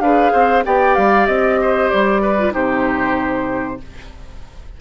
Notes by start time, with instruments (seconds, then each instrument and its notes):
0.00 bassoon D4, clarinet G#4, oboe B4, flute F5
0.32 bassoon C4, oboe C5
0.65 bassoon B3, clarinet G4, oboe D5, flute G5
0.94 bassoon G3, flute F5
1.26 bassoon C4, flute D#5
1.61 oboe C5
1.89 bassoon G3, flute D5
2.22 oboe B4
2.38 clarinet F4
2.51 bassoon C3, clarinet D#4, oboe G4, flute C5